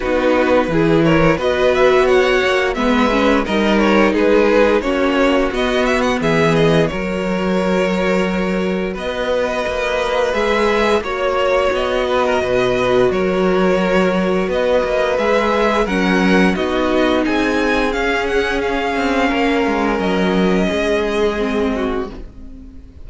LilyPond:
<<
  \new Staff \with { instrumentName = "violin" } { \time 4/4 \tempo 4 = 87 b'4. cis''8 dis''8 e''8 fis''4 | e''4 dis''8 cis''8 b'4 cis''4 | dis''8 e''16 fis''16 e''8 dis''8 cis''2~ | cis''4 dis''2 e''4 |
cis''4 dis''2 cis''4~ | cis''4 dis''4 e''4 fis''4 | dis''4 gis''4 f''8 fis''8 f''4~ | f''4 dis''2. | }
  \new Staff \with { instrumentName = "violin" } { \time 4/4 fis'4 gis'8 ais'8 b'4 cis''4 | b'4 ais'4 gis'4 fis'4~ | fis'4 gis'4 ais'2~ | ais'4 b'2. |
cis''4. b'16 ais'16 b'4 ais'4~ | ais'4 b'2 ais'4 | fis'4 gis'2. | ais'2 gis'4. fis'8 | }
  \new Staff \with { instrumentName = "viola" } { \time 4/4 dis'4 e'4 fis'2 | b8 cis'8 dis'2 cis'4 | b2 fis'2~ | fis'2. gis'4 |
fis'1~ | fis'2 gis'4 cis'4 | dis'2 cis'2~ | cis'2. c'4 | }
  \new Staff \with { instrumentName = "cello" } { \time 4/4 b4 e4 b4. ais8 | gis4 g4 gis4 ais4 | b4 e4 fis2~ | fis4 b4 ais4 gis4 |
ais4 b4 b,4 fis4~ | fis4 b8 ais8 gis4 fis4 | b4 c'4 cis'4. c'8 | ais8 gis8 fis4 gis2 | }
>>